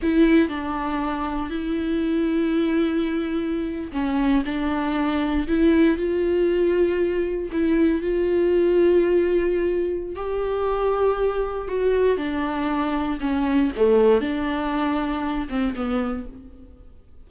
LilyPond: \new Staff \with { instrumentName = "viola" } { \time 4/4 \tempo 4 = 118 e'4 d'2 e'4~ | e'2.~ e'8. cis'16~ | cis'8. d'2 e'4 f'16~ | f'2~ f'8. e'4 f'16~ |
f'1 | g'2. fis'4 | d'2 cis'4 a4 | d'2~ d'8 c'8 b4 | }